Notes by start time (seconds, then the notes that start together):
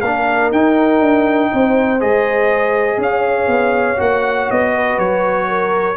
0.00 A#3 D4 A#4 F5
0.51 D#4 G5
1.00 D4
1.52 C4 C5
1.99 G#3 G#4 D#5
2.97 C#4 C#5 F5
3.47 B3
3.96 A#3 F#4 F#5
4.50 B3 D#5
4.74 B4
4.98 F#3 C#5
5.48 A#4